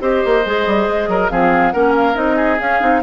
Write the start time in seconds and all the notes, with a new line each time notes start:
0.00 C4 G4 C5 D#5
0.25 A#3
0.46 G#3 G#4
0.66 G3
0.89 G#3
1.08 F#3 A#4
1.30 F3 C4 G#4 F5
1.72 A#3 C#4 A#4 F#5
1.96 F5
2.15 C4 D#4 D#5
2.36 G#4
2.60 C#4 F5
2.81 C4 D#4